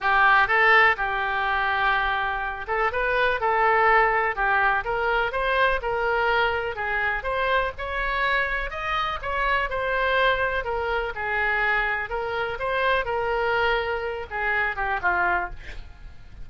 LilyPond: \new Staff \with { instrumentName = "oboe" } { \time 4/4 \tempo 4 = 124 g'4 a'4 g'2~ | g'4. a'8 b'4 a'4~ | a'4 g'4 ais'4 c''4 | ais'2 gis'4 c''4 |
cis''2 dis''4 cis''4 | c''2 ais'4 gis'4~ | gis'4 ais'4 c''4 ais'4~ | ais'4. gis'4 g'8 f'4 | }